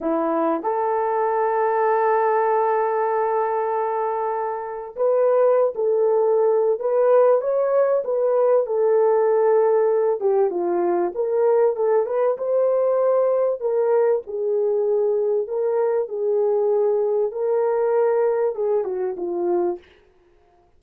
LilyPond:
\new Staff \with { instrumentName = "horn" } { \time 4/4 \tempo 4 = 97 e'4 a'2.~ | a'1 | b'4~ b'16 a'4.~ a'16 b'4 | cis''4 b'4 a'2~ |
a'8 g'8 f'4 ais'4 a'8 b'8 | c''2 ais'4 gis'4~ | gis'4 ais'4 gis'2 | ais'2 gis'8 fis'8 f'4 | }